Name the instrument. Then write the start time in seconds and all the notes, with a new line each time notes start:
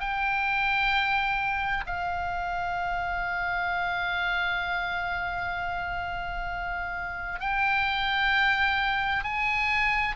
oboe
0.00 G5
1.86 F5
7.40 G5
9.23 G#5